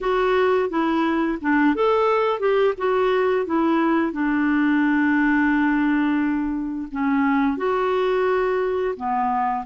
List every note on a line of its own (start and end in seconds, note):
0.00 0.69 F#4
0.69 1.38 E4
1.41 1.75 D4
1.75 2.39 A4
2.39 2.74 G4
2.77 3.45 F#4
3.45 4.12 E4
4.12 6.88 D4
6.91 7.57 C#4
7.57 8.95 F#4
8.96 9.65 B3